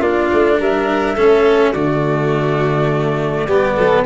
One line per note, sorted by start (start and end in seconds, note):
0.00 0.29 A#3
0.00 1.17 D4
0.00 0.58 F4
0.00 0.60 D5
0.33 0.60 A3
0.59 1.17 G3
0.59 1.16 A#4
0.59 1.73 E5
1.16 1.74 A3
1.16 1.75 C#4
1.16 1.72 A4
1.72 3.47 D3
1.72 3.48 A3
1.72 3.45 F#4
1.72 4.04 D5
3.47 3.76 G3
3.47 4.06 B3
3.47 3.76 G4
3.76 4.06 F#3
3.76 4.05 A4